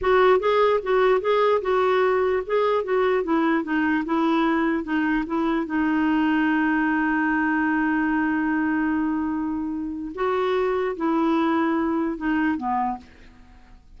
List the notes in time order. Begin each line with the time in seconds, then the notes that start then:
0.01 F#4
0.39 G#4
0.82 F#4
1.20 G#4
1.61 F#4
2.46 G#4
2.84 F#4
3.23 E4
3.63 D#4
4.05 E4
4.83 D#4
5.26 E4
5.66 D#4
10.14 F#4
10.96 E4
12.17 D#4
12.57 B3